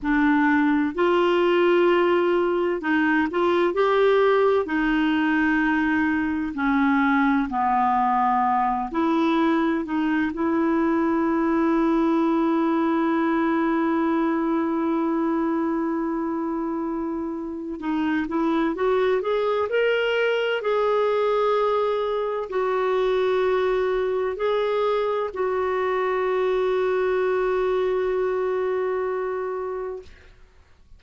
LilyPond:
\new Staff \with { instrumentName = "clarinet" } { \time 4/4 \tempo 4 = 64 d'4 f'2 dis'8 f'8 | g'4 dis'2 cis'4 | b4. e'4 dis'8 e'4~ | e'1~ |
e'2. dis'8 e'8 | fis'8 gis'8 ais'4 gis'2 | fis'2 gis'4 fis'4~ | fis'1 | }